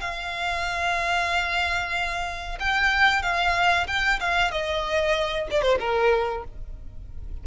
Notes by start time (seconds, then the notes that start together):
0.00 F5
2.59 G5
3.22 F5
3.87 G5
4.20 F5
4.51 D#5
5.50 D5
5.62 C5
5.79 A#4